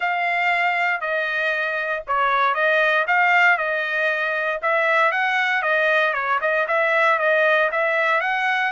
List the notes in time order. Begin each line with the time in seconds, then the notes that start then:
0.00 F5
1.00 D#5
2.07 C#5
2.54 D#5
3.07 F5
3.57 D#5
4.62 E5
5.11 F#5
5.62 D#5
6.13 C#5
6.41 D#5
6.67 E5
7.18 D#5
7.71 E5
8.21 F#5